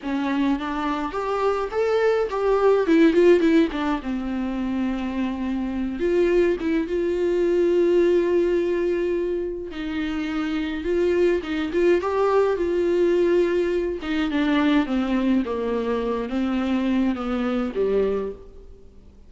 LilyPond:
\new Staff \with { instrumentName = "viola" } { \time 4/4 \tempo 4 = 105 cis'4 d'4 g'4 a'4 | g'4 e'8 f'8 e'8 d'8 c'4~ | c'2~ c'8 f'4 e'8 | f'1~ |
f'4 dis'2 f'4 | dis'8 f'8 g'4 f'2~ | f'8 dis'8 d'4 c'4 ais4~ | ais8 c'4. b4 g4 | }